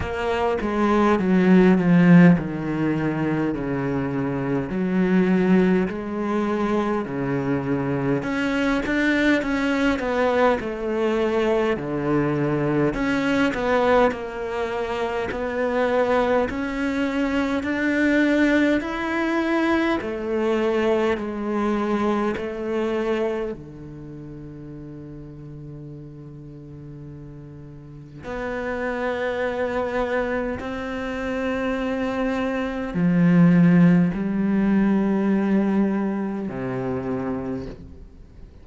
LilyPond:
\new Staff \with { instrumentName = "cello" } { \time 4/4 \tempo 4 = 51 ais8 gis8 fis8 f8 dis4 cis4 | fis4 gis4 cis4 cis'8 d'8 | cis'8 b8 a4 d4 cis'8 b8 | ais4 b4 cis'4 d'4 |
e'4 a4 gis4 a4 | d1 | b2 c'2 | f4 g2 c4 | }